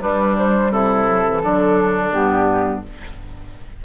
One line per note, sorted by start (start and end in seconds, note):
0.00 1.06 G3
0.00 0.70 G3
0.00 0.71 D4
0.00 0.36 B4
0.38 0.71 C5
0.70 1.40 C3
0.70 1.42 E4
0.70 2.11 A4
1.06 1.23 F#3
1.27 1.42 E3
1.42 2.13 D3
1.42 2.12 F#3
1.42 2.84 D4
2.11 2.84 G2
2.11 2.82 B3
2.11 2.82 G4